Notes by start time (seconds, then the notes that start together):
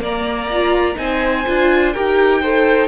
0.00 A#3 D5 A#5
0.53 F4
0.95 C4 D#4 C5 G#5
1.47 D4 F4
1.93 D#4 G4 A#4 G5
2.41 A4 C5